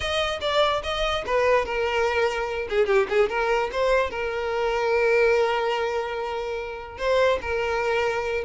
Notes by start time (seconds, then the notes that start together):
0.00 D#5
0.41 D5
0.83 D#5
1.26 B4
1.65 A#4
2.69 G#4
2.86 G4
3.09 G#4
3.29 A#4
3.71 C5
4.10 A#4
6.98 C5
7.41 A#4